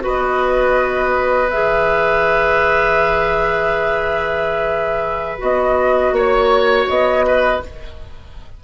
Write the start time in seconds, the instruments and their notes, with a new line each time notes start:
0.00 clarinet F#4, oboe B4
0.06 bassoon B3, flute D#5
1.50 bassoon E3, clarinet G#4, flute E5
5.39 bassoon B3, clarinet F#4, flute D#5
6.12 bassoon A#3, oboe C#5, flute C#5
6.89 bassoon B3, flute D#5
7.27 oboe B4